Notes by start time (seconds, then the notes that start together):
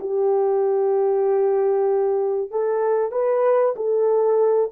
0.00 G4
2.51 A4
3.11 B4
3.76 A4